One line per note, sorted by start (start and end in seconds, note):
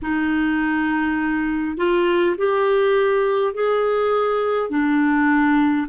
0.02 1.76 D#4
1.76 2.35 F4
2.37 3.53 G4
3.53 4.69 G#4
4.69 5.87 D4